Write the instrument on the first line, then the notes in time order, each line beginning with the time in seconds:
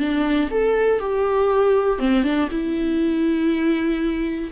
viola
0.00 D4
0.51 A4
1.00 G4
1.99 C4
2.24 D4
2.51 E4